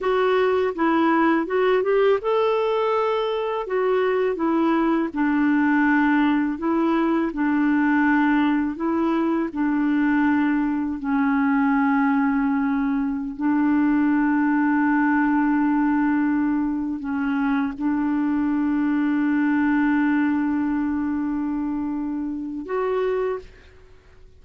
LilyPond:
\new Staff \with { instrumentName = "clarinet" } { \time 4/4 \tempo 4 = 82 fis'4 e'4 fis'8 g'8 a'4~ | a'4 fis'4 e'4 d'4~ | d'4 e'4 d'2 | e'4 d'2 cis'4~ |
cis'2~ cis'16 d'4.~ d'16~ | d'2.~ d'16 cis'8.~ | cis'16 d'2.~ d'8.~ | d'2. fis'4 | }